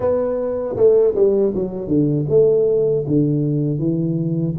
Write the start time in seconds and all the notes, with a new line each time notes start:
0.00 B3
0.76 A3
1.15 G3
1.55 F#3
1.87 D3
2.29 A3
3.07 D3
3.78 E3